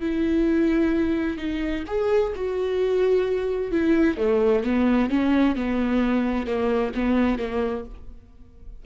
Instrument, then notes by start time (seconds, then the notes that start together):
viola
0.00 E4
1.37 D#4
1.87 G#4
2.35 F#4
3.71 E4
4.17 A3
4.64 B3
5.10 C#4
5.55 B3
6.46 A#3
6.94 B3
7.38 A#3